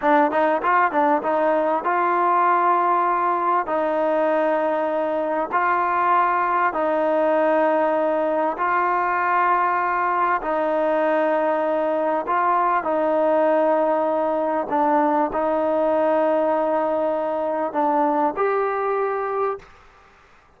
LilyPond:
\new Staff \with { instrumentName = "trombone" } { \time 4/4 \tempo 4 = 98 d'8 dis'8 f'8 d'8 dis'4 f'4~ | f'2 dis'2~ | dis'4 f'2 dis'4~ | dis'2 f'2~ |
f'4 dis'2. | f'4 dis'2. | d'4 dis'2.~ | dis'4 d'4 g'2 | }